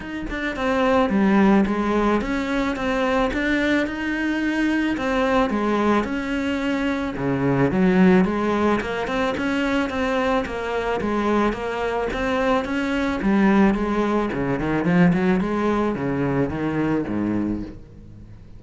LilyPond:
\new Staff \with { instrumentName = "cello" } { \time 4/4 \tempo 4 = 109 dis'8 d'8 c'4 g4 gis4 | cis'4 c'4 d'4 dis'4~ | dis'4 c'4 gis4 cis'4~ | cis'4 cis4 fis4 gis4 |
ais8 c'8 cis'4 c'4 ais4 | gis4 ais4 c'4 cis'4 | g4 gis4 cis8 dis8 f8 fis8 | gis4 cis4 dis4 gis,4 | }